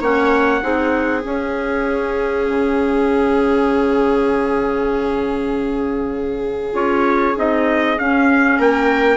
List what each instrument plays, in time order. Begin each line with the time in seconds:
0.00 bassoon A#3, clarinet C#4, viola C#5, trumpet F#5
0.61 bassoon C4, clarinet D#4, viola G#4
1.23 clarinet C#4, bassoon C#4, trumpet F5
2.48 bassoon C#3
6.72 bassoon C#4, clarinet F4, trumpet C#5
7.36 bassoon C4, clarinet D#4, trumpet D#5
7.98 clarinet C#4, bassoon C#4, trumpet F5
8.58 bassoon A#3, viola A#4, trumpet G5